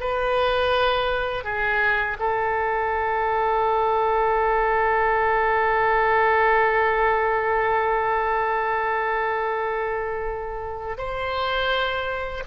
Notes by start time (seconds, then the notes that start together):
0.00 B4
1.44 G#4
2.19 A4
10.97 C5